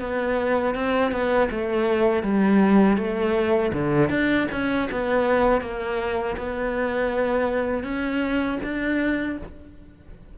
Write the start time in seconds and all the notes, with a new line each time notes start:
0.00 B3
0.75 C4
1.11 B3
1.51 A3
2.23 G3
2.97 A3
3.73 D3
4.10 D4
4.51 C#4
4.91 B3
5.61 A#3
6.38 B3
7.84 C#4
8.63 D4